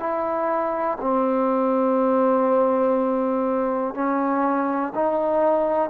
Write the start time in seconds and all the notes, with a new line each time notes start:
0.00 E4
1.01 C4
3.95 C#4
4.95 D#4